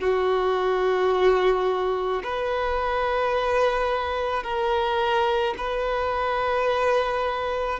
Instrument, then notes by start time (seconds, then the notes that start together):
violin
0.00 F#4
2.23 B4
4.43 A#4
5.57 B4